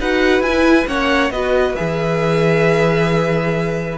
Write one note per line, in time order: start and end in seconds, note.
0.00 0.40 D#4
0.00 0.46 F#4
0.00 0.88 B4
0.00 0.42 F#5
0.40 0.85 E4
0.40 0.88 E4
0.40 0.87 G#5
0.88 1.30 A#3
0.88 1.32 C#4
0.88 1.33 C#5
0.88 1.31 F#5
1.30 1.75 B3
1.30 1.76 F#4
1.30 3.98 B4
1.30 1.76 D#5
1.76 3.98 E3
1.76 3.98 G#4
1.76 3.98 E5